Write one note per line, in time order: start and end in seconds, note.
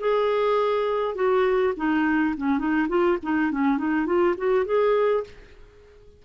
0.00 1.15 G#4
1.15 1.73 F#4
1.77 2.35 D#4
2.37 2.58 C#4
2.58 2.88 D#4
2.89 3.18 F4
3.23 3.51 D#4
3.51 3.78 C#4
3.78 4.06 D#4
4.06 4.35 F4
4.38 4.65 F#4
4.65 5.24 G#4